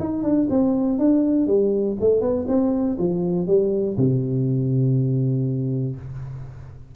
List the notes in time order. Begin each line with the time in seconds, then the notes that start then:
0.00 D#4
0.23 D4
0.50 C4
0.98 D4
1.47 G3
2.00 A3
2.21 B3
2.48 C4
2.98 F3
3.47 G3
3.97 C3